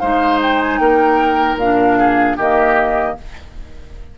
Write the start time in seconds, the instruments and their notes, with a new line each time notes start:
0.00 bassoon G#3, clarinet D#4, oboe C5, flute F5
0.42 flute G5
0.62 flute G#5
0.78 bassoon A#3, oboe A#4, flute G5
1.57 bassoon A#2, clarinet D4, flute F5
1.99 oboe G#4
2.37 bassoon D#3, clarinet A#3, oboe G4, flute D#5